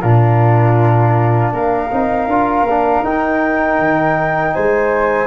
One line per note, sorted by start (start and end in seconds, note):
0.00 1.52 A#2
0.00 1.90 D4
0.00 1.52 F4
0.00 1.50 A#4
1.52 1.90 A#3
1.52 4.53 A#4
1.52 3.04 F5
1.91 2.26 C4
1.91 2.28 D#4
2.26 2.62 D4
2.26 2.67 F4
2.62 3.00 A#3
2.69 3.04 D4
3.03 3.78 D#4
3.03 5.27 D#4
3.03 4.53 G5
3.78 4.53 D#3
4.53 5.27 G#3
4.53 5.27 C5
4.53 5.27 G#5